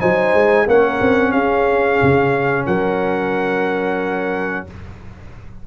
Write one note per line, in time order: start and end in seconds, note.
0.00 0.34 F#3
0.00 0.67 D#4
0.00 0.67 C5
0.00 0.67 G#5
0.34 0.67 G#3
0.67 1.01 A#3
0.67 4.67 C#4
0.67 1.33 A#4
0.67 1.32 F#5
1.01 1.34 C4
1.32 2.00 C#4
1.32 2.66 G#4
1.32 2.65 F5
2.02 2.67 C#3
2.66 4.67 F#3
2.66 4.66 A#4
2.66 4.67 F#5